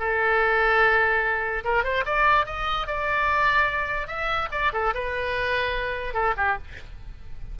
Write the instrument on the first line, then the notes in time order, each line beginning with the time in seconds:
oboe
0.00 A4
1.65 A#4
1.84 C5
2.06 D5
2.46 D#5
2.87 D5
4.08 E5
4.52 D5
4.74 A4
4.95 B4
6.14 A4
6.38 G4